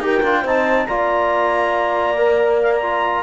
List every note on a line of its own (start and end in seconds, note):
0.00 0.22 D#4
0.00 0.23 G4
0.00 0.41 A#4
0.00 0.47 G5
0.23 0.44 D4
0.23 0.46 F4
0.41 0.88 C4
0.41 0.89 D#4
0.41 0.84 C5
0.47 0.86 A5
0.86 3.23 A#3
0.86 2.17 F4
0.86 3.23 D5
0.86 2.59 A#5
2.17 2.81 A#4
2.62 2.73 F5
2.75 3.23 A#5
2.82 3.23 F4